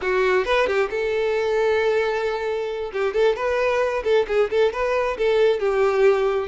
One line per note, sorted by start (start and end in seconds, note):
0.01 0.45 F#4
0.45 0.66 B4
0.66 0.89 G4
0.90 2.91 A4
2.92 3.13 G4
3.13 3.36 A4
3.36 4.03 B4
4.04 4.26 A4
4.27 4.50 G#4
4.50 4.72 A4
4.72 5.17 B4
5.17 5.59 A4
5.59 6.47 G4